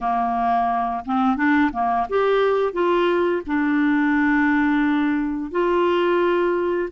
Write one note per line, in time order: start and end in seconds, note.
0.01 1.04 A#3
1.05 1.36 C4
1.36 1.71 D4
1.72 2.06 A#3
2.09 2.72 G4
2.72 3.41 F4
3.46 5.51 D4
5.51 6.89 F4